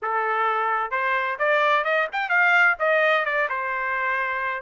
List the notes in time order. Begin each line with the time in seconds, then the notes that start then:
0.01 A4
0.90 C5
1.38 D5
1.84 D#5
2.12 G5
2.29 F5
2.79 D#5
3.25 D5
3.49 C5